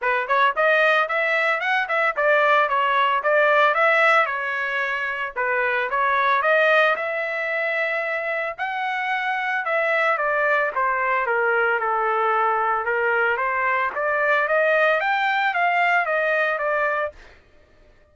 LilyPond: \new Staff \with { instrumentName = "trumpet" } { \time 4/4 \tempo 4 = 112 b'8 cis''8 dis''4 e''4 fis''8 e''8 | d''4 cis''4 d''4 e''4 | cis''2 b'4 cis''4 | dis''4 e''2. |
fis''2 e''4 d''4 | c''4 ais'4 a'2 | ais'4 c''4 d''4 dis''4 | g''4 f''4 dis''4 d''4 | }